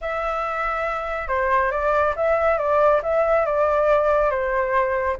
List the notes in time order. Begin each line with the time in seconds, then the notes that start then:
0.01 E5
1.28 C5
1.71 D5
2.16 E5
2.58 D5
3.03 E5
3.45 D5
4.30 C5